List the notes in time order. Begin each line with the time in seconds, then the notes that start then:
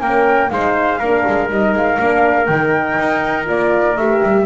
0.00 A#3 C#4 A#4 G5
0.49 G#3 D#4 C5 F5
0.98 A#3 D4 A#4
1.27 G#3
1.48 G3 D#4 D#5
1.72 G#3 F5
1.98 A#3 D4
2.45 D#3 D#4 G5
2.98 D#4
3.44 A#3 F4 D5
3.96 A3 G4 E5
4.22 G3